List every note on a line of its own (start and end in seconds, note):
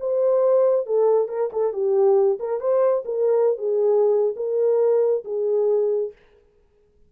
0.00 0.87 C5
0.87 1.29 A4
1.29 1.50 A#4
1.53 1.73 A4
1.73 2.39 G4
2.40 2.60 A#4
2.60 3.04 C5
3.05 3.58 A#4
3.58 4.35 G#4
4.37 5.24 A#4
5.25 6.12 G#4